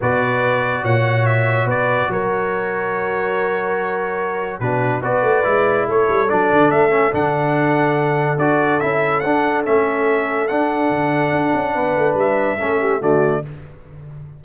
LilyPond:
<<
  \new Staff \with { instrumentName = "trumpet" } { \time 4/4 \tempo 4 = 143 d''2 fis''4 e''4 | d''4 cis''2.~ | cis''2. b'4 | d''2 cis''4 d''4 |
e''4 fis''2. | d''4 e''4 fis''4 e''4~ | e''4 fis''2.~ | fis''4 e''2 d''4 | }
  \new Staff \with { instrumentName = "horn" } { \time 4/4 b'2 cis''2 | b'4 ais'2.~ | ais'2. fis'4 | b'2 a'2~ |
a'1~ | a'1~ | a'1 | b'2 a'8 g'8 fis'4 | }
  \new Staff \with { instrumentName = "trombone" } { \time 4/4 fis'1~ | fis'1~ | fis'2. d'4 | fis'4 e'2 d'4~ |
d'8 cis'8 d'2. | fis'4 e'4 d'4 cis'4~ | cis'4 d'2.~ | d'2 cis'4 a4 | }
  \new Staff \with { instrumentName = "tuba" } { \time 4/4 b,2 ais,2 | b,4 fis2.~ | fis2. b,4 | b8 a8 gis4 a8 g8 fis8 d8 |
a4 d2. | d'4 cis'4 d'4 a4~ | a4 d'4 d4 d'8 cis'8 | b8 a8 g4 a4 d4 | }
>>